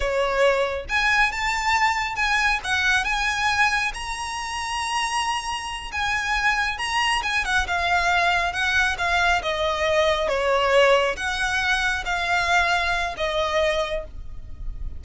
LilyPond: \new Staff \with { instrumentName = "violin" } { \time 4/4 \tempo 4 = 137 cis''2 gis''4 a''4~ | a''4 gis''4 fis''4 gis''4~ | gis''4 ais''2.~ | ais''4. gis''2 ais''8~ |
ais''8 gis''8 fis''8 f''2 fis''8~ | fis''8 f''4 dis''2 cis''8~ | cis''4. fis''2 f''8~ | f''2 dis''2 | }